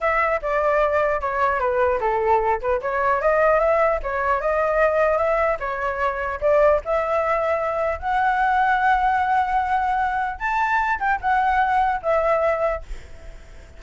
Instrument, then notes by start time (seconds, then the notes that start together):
flute
0.00 E5
0.41 D5
1.21 C#5
1.59 B4
2.00 A4
2.61 B4
2.81 C#5
3.21 D#5
3.59 E5
4.02 C#5
4.41 D#5
5.17 E5
5.59 C#5
6.40 D5
6.84 E5
7.99 F#5
10.39 A5
10.99 G5
11.21 F#5
12.02 E5